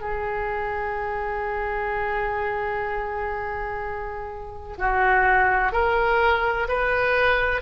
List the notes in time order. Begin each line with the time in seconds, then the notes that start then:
0.00 G#4
4.77 F#4
5.72 A#4
6.68 B4